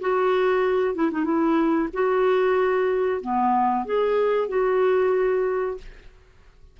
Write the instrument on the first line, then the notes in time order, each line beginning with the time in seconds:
clarinet
0.00 F#4
0.94 E4
1.11 D#4
1.24 E4
1.93 F#4
3.21 B3
3.85 G#4
4.48 F#4